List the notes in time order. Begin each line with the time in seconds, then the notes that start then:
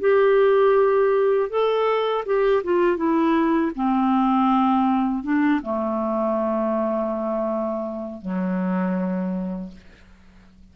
0.00 G4
1.50 A4
2.26 G4
2.64 F4
2.97 E4
3.75 C4
5.23 D4
5.62 A3
8.22 F#3